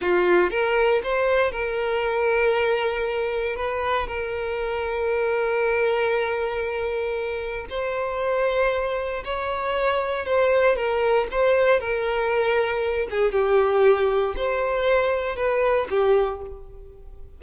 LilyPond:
\new Staff \with { instrumentName = "violin" } { \time 4/4 \tempo 4 = 117 f'4 ais'4 c''4 ais'4~ | ais'2. b'4 | ais'1~ | ais'2. c''4~ |
c''2 cis''2 | c''4 ais'4 c''4 ais'4~ | ais'4. gis'8 g'2 | c''2 b'4 g'4 | }